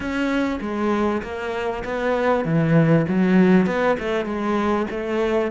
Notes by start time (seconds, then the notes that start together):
0.00 C#4
0.60 G#3
1.22 A#3
1.84 B3
2.44 E3
3.08 F#3
3.66 B3
3.99 A3
4.25 G#3
4.90 A3